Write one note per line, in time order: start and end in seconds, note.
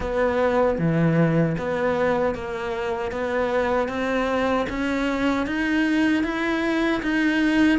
0.00 0.78 B3
0.78 1.56 E3
1.58 2.34 B3
2.34 3.11 A#3
3.11 3.88 B3
3.88 4.66 C4
4.69 5.46 C#4
5.46 6.23 D#4
6.23 7.01 E4
7.02 7.78 D#4